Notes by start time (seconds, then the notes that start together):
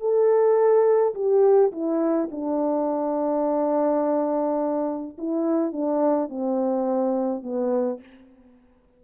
0.00 A4
1.14 G4
1.72 E4
2.31 D4
5.18 E4
5.72 D4
6.29 C4
7.43 B3